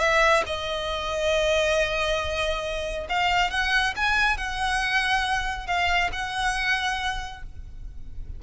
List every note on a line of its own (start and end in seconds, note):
0.00 0.43 E5
0.47 3.08 D#5
3.10 3.51 F5
3.51 3.94 F#5
3.96 4.38 G#5
4.38 5.67 F#5
5.67 6.11 F5
6.13 7.43 F#5